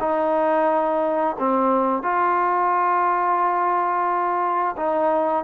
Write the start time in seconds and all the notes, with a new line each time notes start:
0.00 D#4
1.39 C4
2.02 F4
4.77 D#4